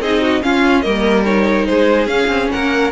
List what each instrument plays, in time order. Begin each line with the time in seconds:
0.00 cello C4, viola D#4, violin G#4 D#5
0.21 violin F#4
0.42 viola C#4, cello C#4, violin F4 F5
0.81 cello G3, viola A#3, violin A#4 D#5
1.25 viola D#4, violin C#5
1.66 cello G#3, violin G#4 C5
2.07 cello C#4, viola C#4, violin F5
2.28 cello C4
2.52 cello A#3, violin A#4 F#5